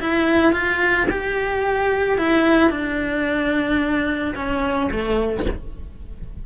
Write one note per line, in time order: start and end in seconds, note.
0.00 0.52 E4
0.52 1.07 F4
1.10 2.17 G4
2.17 2.70 E4
2.70 4.34 D4
4.35 4.90 C#4
4.91 5.46 A3